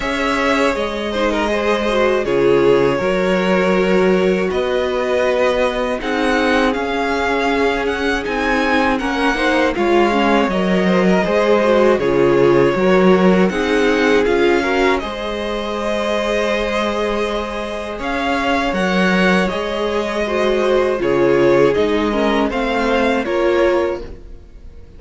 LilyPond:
<<
  \new Staff \with { instrumentName = "violin" } { \time 4/4 \tempo 4 = 80 e''4 dis''2 cis''4~ | cis''2 dis''2 | fis''4 f''4. fis''8 gis''4 | fis''4 f''4 dis''2 |
cis''2 fis''4 f''4 | dis''1 | f''4 fis''4 dis''2 | cis''4 dis''4 f''4 cis''4 | }
  \new Staff \with { instrumentName = "violin" } { \time 4/4 cis''4. c''16 ais'16 c''4 gis'4 | ais'2 b'2 | gis'1 | ais'8 c''8 cis''4. c''16 ais'16 c''4 |
gis'4 ais'4 gis'4. ais'8 | c''1 | cis''2. c''4 | gis'4. ais'8 c''4 ais'4 | }
  \new Staff \with { instrumentName = "viola" } { \time 4/4 gis'4. dis'8 gis'8 fis'8 f'4 | fis'1 | dis'4 cis'2 dis'4 | cis'8 dis'8 f'8 cis'8 ais'4 gis'8 fis'8 |
f'4 fis'4 dis'4 f'8 fis'8 | gis'1~ | gis'4 ais'4 gis'4 fis'4 | f'4 dis'8 cis'8 c'4 f'4 | }
  \new Staff \with { instrumentName = "cello" } { \time 4/4 cis'4 gis2 cis4 | fis2 b2 | c'4 cis'2 c'4 | ais4 gis4 fis4 gis4 |
cis4 fis4 c'4 cis'4 | gis1 | cis'4 fis4 gis2 | cis4 gis4 a4 ais4 | }
>>